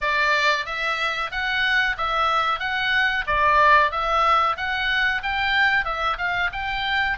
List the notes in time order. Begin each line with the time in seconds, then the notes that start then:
0.01 D5
0.65 E5
1.31 F#5
1.97 E5
2.59 F#5
3.26 D5
3.91 E5
4.57 F#5
5.23 G5
5.84 E5
6.17 F5
6.52 G5